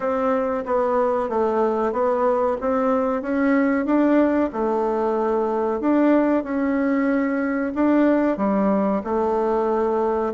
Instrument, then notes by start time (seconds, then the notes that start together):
bassoon
0.00 C4
0.65 B3
1.29 A3
1.92 B3
2.60 C4
3.22 C#4
3.85 D4
4.52 A3
5.80 D4
6.43 C#4
7.74 D4
8.37 G3
9.04 A3